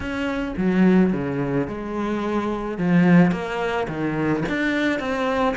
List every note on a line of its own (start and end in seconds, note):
0.00 0.54 C#4
0.57 1.12 F#3
1.12 1.67 C#3
1.67 2.78 G#3
2.78 3.31 F3
3.31 3.87 A#3
3.88 4.43 D#3
4.48 4.99 D4
4.99 5.55 C4